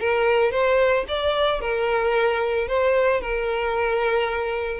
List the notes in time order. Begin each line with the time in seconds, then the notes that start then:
0.00 A#4
0.51 C5
1.08 D5
1.60 A#4
2.68 C5
3.21 A#4